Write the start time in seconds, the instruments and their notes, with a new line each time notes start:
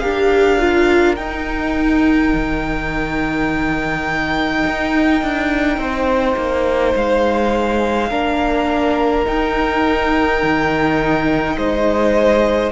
0.00 cello D4, viola G4, violin A#4 F5
0.59 viola F4
1.16 viola D#4, cello D#4, violin G5
2.34 cello D#3
4.67 cello D#4
5.23 cello D4
5.78 cello C4, violin C5
6.37 cello A#3
6.96 cello G#3, violin F5
8.10 cello A#3, viola D4, violin A#4
9.25 viola D#4, cello D#4, violin G5
10.43 cello D#3
11.57 cello G#3, violin C5 D#5